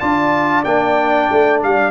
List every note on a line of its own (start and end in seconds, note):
0.00 0.65 D4
0.00 0.64 F4
0.00 1.92 D5
0.00 0.64 A5
0.64 1.29 A#3
0.64 1.92 D4
0.64 1.60 G5
1.32 1.63 A3
1.63 1.92 G3
1.63 1.92 F5